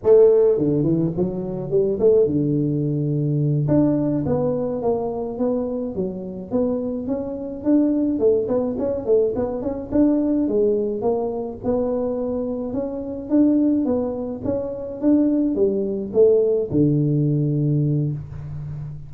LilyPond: \new Staff \with { instrumentName = "tuba" } { \time 4/4 \tempo 4 = 106 a4 d8 e8 fis4 g8 a8 | d2~ d8 d'4 b8~ | b8 ais4 b4 fis4 b8~ | b8 cis'4 d'4 a8 b8 cis'8 |
a8 b8 cis'8 d'4 gis4 ais8~ | ais8 b2 cis'4 d'8~ | d'8 b4 cis'4 d'4 g8~ | g8 a4 d2~ d8 | }